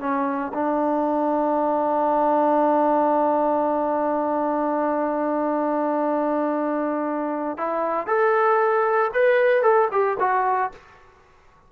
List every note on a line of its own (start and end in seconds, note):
0.00 0.52 C#4
0.54 7.58 D4
7.58 8.07 E4
8.07 9.11 A4
9.14 9.63 B4
9.63 9.89 A4
9.92 10.18 G4
10.20 10.72 F#4